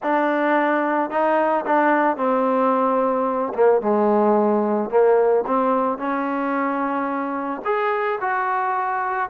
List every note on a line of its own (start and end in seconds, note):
0.02 1.10 D4
1.10 1.64 D#4
1.65 2.16 D4
2.16 3.53 C4
3.54 3.81 A#3
3.81 4.89 G#3
4.89 5.44 A#3
5.46 5.98 C4
5.98 7.61 C#4
7.64 8.19 G#4
8.20 9.29 F#4